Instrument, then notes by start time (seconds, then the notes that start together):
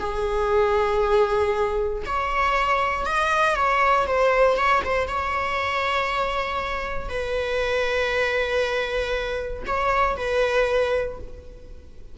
viola
0.00 G#4
2.06 C#5
3.06 D#5
3.55 C#5
4.07 C5
4.56 C#5
4.85 C5
5.08 C#5
7.09 B4
9.67 C#5
10.17 B4